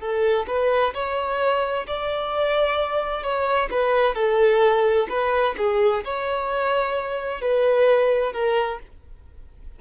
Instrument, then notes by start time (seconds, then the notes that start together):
violin
0.00 A4
0.47 B4
0.94 C#5
1.87 D5
3.23 C#5
3.71 B4
4.15 A4
5.09 B4
5.58 G#4
6.04 C#5
7.41 B4
8.33 A#4